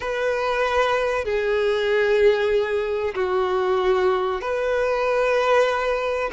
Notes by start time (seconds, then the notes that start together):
0.00 B4
1.24 G#4
3.14 F#4
4.41 B4